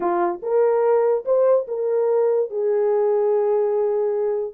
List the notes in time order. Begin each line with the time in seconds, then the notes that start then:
0.00 F4
0.42 A#4
1.25 C5
1.67 A#4
2.50 G#4